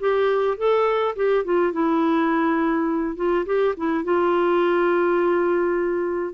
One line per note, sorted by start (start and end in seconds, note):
0.00 0.58 G4
0.58 1.15 A4
1.16 1.45 G4
1.45 1.73 F4
1.73 3.17 E4
3.17 3.45 F4
3.46 3.75 G4
3.77 4.04 E4
4.04 6.34 F4